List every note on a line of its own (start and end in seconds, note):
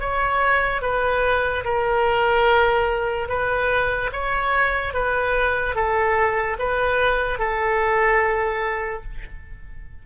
0.00 0.82 C#5
0.82 1.64 B4
1.64 3.28 A#4
3.28 4.11 B4
4.12 4.94 C#5
4.94 5.75 B4
5.75 6.57 A4
6.59 7.39 B4
7.39 9.03 A4